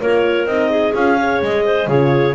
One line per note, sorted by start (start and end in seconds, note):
0.00 0.45 A#3
0.00 0.49 F4
0.00 0.70 A#4
0.00 0.46 C#5
0.45 0.92 C4
0.45 0.94 D#4
0.45 0.93 D#5
0.70 1.17 G#4
0.94 1.41 C#4
0.94 1.18 F4
0.94 1.42 F5
1.17 1.88 G#4
1.17 1.64 C#5
1.42 1.87 G#3
1.42 1.89 D#5
1.64 1.88 C5
1.87 2.34 C#3
1.87 2.34 F4
1.87 2.34 G#4
1.87 2.34 C#5